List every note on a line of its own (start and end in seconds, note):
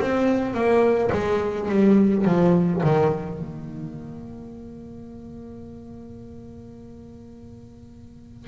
0.00 0.53 C4
0.53 1.10 A#3
1.12 1.69 G#3
1.69 2.25 G3
2.25 2.81 F3
2.83 3.39 D#3
3.39 8.47 A#3